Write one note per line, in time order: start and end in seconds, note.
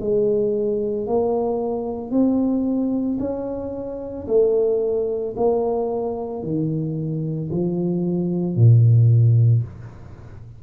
0.00 1.07 G#3
1.07 2.11 A#3
2.11 3.18 C4
3.19 4.27 C#4
4.27 5.34 A3
5.36 6.43 A#3
6.43 7.50 D#3
7.51 8.56 F3
8.56 9.63 A#2